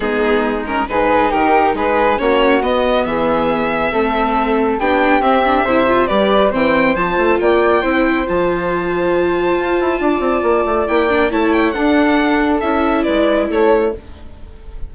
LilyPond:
<<
  \new Staff \with { instrumentName = "violin" } { \time 4/4 \tempo 4 = 138 gis'4. ais'8 b'4 ais'4 | b'4 cis''4 dis''4 e''4~ | e''2. g''4 | e''2 d''4 g''4 |
a''4 g''2 a''4~ | a''1~ | a''4 g''4 a''8 g''8 fis''4~ | fis''4 e''4 d''4 cis''4 | }
  \new Staff \with { instrumentName = "flute" } { \time 4/4 dis'2 gis'4 g'4 | gis'4 fis'2 gis'4~ | gis'4 a'2 g'4~ | g'4 c''4 b'4 c''4~ |
c''4 d''4 c''2~ | c''2. d''4~ | d''2 cis''4 a'4~ | a'2 b'4 a'4 | }
  \new Staff \with { instrumentName = "viola" } { \time 4/4 b4. cis'8 dis'2~ | dis'4 cis'4 b2~ | b4 c'2 d'4 | c'8 d'8 e'8 f'8 g'4 c'4 |
f'2 e'4 f'4~ | f'1~ | f'4 e'8 d'8 e'4 d'4~ | d'4 e'2. | }
  \new Staff \with { instrumentName = "bassoon" } { \time 4/4 gis2 gis,4 dis4 | gis4 ais4 b4 e4~ | e4 a2 b4 | c'4 c4 g4 e4 |
f8 a8 ais4 c'4 f4~ | f2 f'8 e'8 d'8 c'8 | ais8 a8 ais4 a4 d'4~ | d'4 cis'4 gis4 a4 | }
>>